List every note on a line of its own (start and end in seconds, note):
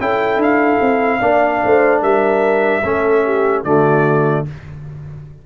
0.00 0.37 C#4
0.00 1.20 E4
0.00 1.20 A4
0.00 0.41 G5
0.37 0.77 D4
0.37 2.02 F5
0.81 1.21 C4
1.20 1.62 A#3
1.20 2.82 D4
1.20 1.60 D5
1.64 2.02 A3
1.64 2.01 C5
2.01 2.83 G3
2.01 2.82 A#4
2.01 3.64 E5
2.83 3.64 A3
2.83 3.65 C#4
2.83 3.25 A4
3.25 3.65 G4
3.64 4.45 D3
3.64 4.46 A3
3.64 4.46 F#4
3.64 4.45 D5